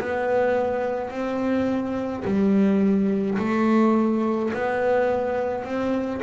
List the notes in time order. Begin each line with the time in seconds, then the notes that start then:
0.00 B3
1.11 C4
2.25 G3
3.39 A3
4.54 B3
5.64 C4